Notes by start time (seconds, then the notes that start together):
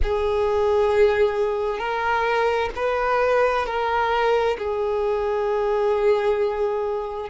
0.02 G#4
1.78 A#4
2.75 B4
3.66 A#4
4.57 G#4